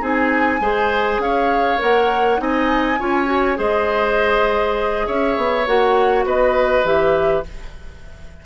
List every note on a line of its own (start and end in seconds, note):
0.00 0.60 C4
0.00 0.60 D#4
0.00 0.59 G#4
0.00 1.21 G#5
0.60 1.18 G#3
0.60 1.78 G#4
0.60 1.21 C5
1.18 1.77 C#4
1.18 2.41 C#5
1.18 1.80 F5
1.78 2.39 A#3
1.78 2.37 A#4
1.78 2.40 F#5
2.37 2.99 C4
2.37 2.97 D#4
2.37 2.99 D#5
2.37 3.59 G#5
2.99 3.58 C#4
2.99 3.25 F4
2.99 3.58 C#5
3.25 3.55 F#4
3.55 5.07 G#3
3.55 5.63 G#4
3.55 5.06 C5
3.55 5.07 D#5
5.06 5.37 C#4
5.06 6.25 C#5
5.06 5.66 E5
5.37 5.66 B3
5.66 6.25 A#3
5.66 6.84 F#4
5.66 6.26 F#5
6.25 6.84 B3
6.25 7.44 B4
6.25 6.86 D#5
6.84 7.43 E3
6.84 7.43 G4
6.84 7.45 E5